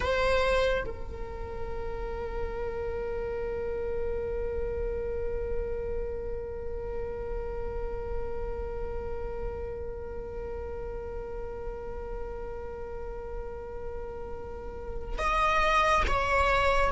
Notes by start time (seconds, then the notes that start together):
0.00 C5
0.86 A#4
15.18 D#5
16.07 C#5